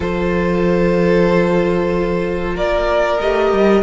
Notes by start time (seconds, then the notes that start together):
0.00 F3 F4 A4 C5
2.54 A#3 A#4 D5
3.20 A3 G4 D#5
3.52 G3